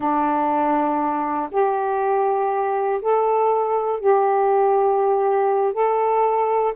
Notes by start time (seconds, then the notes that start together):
0.00 D4
1.51 G4
3.01 A4
4.00 G4
5.73 A4